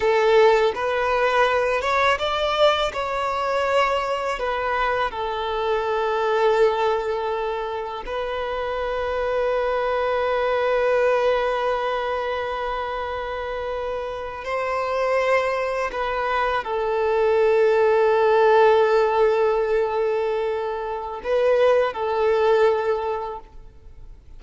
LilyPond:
\new Staff \with { instrumentName = "violin" } { \time 4/4 \tempo 4 = 82 a'4 b'4. cis''8 d''4 | cis''2 b'4 a'4~ | a'2. b'4~ | b'1~ |
b'2.~ b'8. c''16~ | c''4.~ c''16 b'4 a'4~ a'16~ | a'1~ | a'4 b'4 a'2 | }